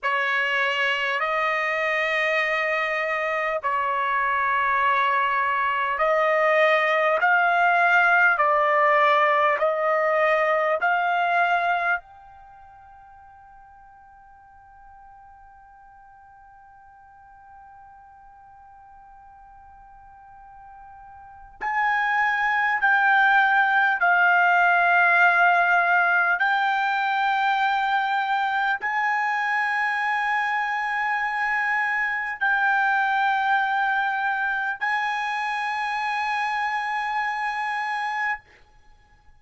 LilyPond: \new Staff \with { instrumentName = "trumpet" } { \time 4/4 \tempo 4 = 50 cis''4 dis''2 cis''4~ | cis''4 dis''4 f''4 d''4 | dis''4 f''4 g''2~ | g''1~ |
g''2 gis''4 g''4 | f''2 g''2 | gis''2. g''4~ | g''4 gis''2. | }